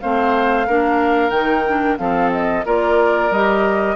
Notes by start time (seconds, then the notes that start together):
0.00 A3 C4 C5 F5
0.67 A#3 D4 A#4
1.30 D#3 D#4 G5
1.67 D4
1.98 F3 C4 A4 F5
2.32 D#5
2.65 A#3 F4 A#4 D5
3.30 G3 G4 D#5